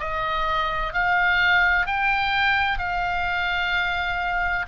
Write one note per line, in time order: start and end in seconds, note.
0.00 0.93 D#5
0.93 1.87 F5
1.87 2.79 G5
2.79 4.66 F5